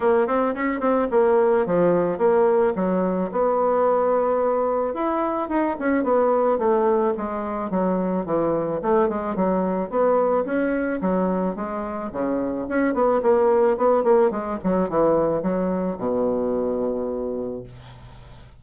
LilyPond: \new Staff \with { instrumentName = "bassoon" } { \time 4/4 \tempo 4 = 109 ais8 c'8 cis'8 c'8 ais4 f4 | ais4 fis4 b2~ | b4 e'4 dis'8 cis'8 b4 | a4 gis4 fis4 e4 |
a8 gis8 fis4 b4 cis'4 | fis4 gis4 cis4 cis'8 b8 | ais4 b8 ais8 gis8 fis8 e4 | fis4 b,2. | }